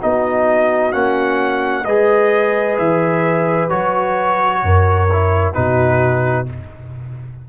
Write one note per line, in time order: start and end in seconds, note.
0.00 0.94 B3
0.00 0.92 D#4
0.00 1.85 F#4
0.00 0.92 D#5
0.92 1.85 A#3
0.92 1.84 C#4
0.92 1.84 F#5
1.85 2.77 G#3
1.85 3.69 G#4
1.85 4.62 B4
1.85 2.77 D#5
2.77 3.70 E3
2.77 3.69 E5
3.69 4.63 F#3
3.69 5.08 F#4
3.69 5.53 C#5
4.63 5.55 F#2
4.63 5.56 A#4
5.12 5.54 E4
5.53 6.49 B2
5.53 6.46 D#4
5.53 6.48 F#4
5.53 6.45 B4